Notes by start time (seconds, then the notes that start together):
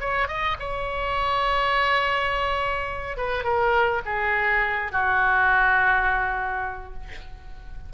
0.00 C#5
0.27 D#5
0.59 C#5
3.17 B4
3.44 A#4
4.05 G#4
4.91 F#4